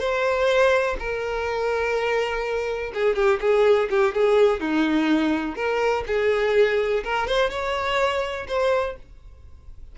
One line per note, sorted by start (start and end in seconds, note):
0.00 0.97 C5
0.99 2.93 A#4
2.95 3.16 G#4
3.16 3.40 G4
3.41 3.90 G#4
3.90 4.15 G4
4.15 4.61 G#4
4.61 5.56 D#4
5.56 6.04 A#4
6.07 7.04 G#4
7.04 7.27 A#4
7.27 7.50 C5
7.50 8.47 C#5
8.48 8.96 C5